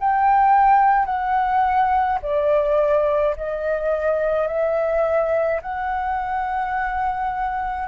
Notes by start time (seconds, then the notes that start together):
0.00 G5
1.06 F#5
2.23 D5
3.37 D#5
4.48 E5
5.62 F#5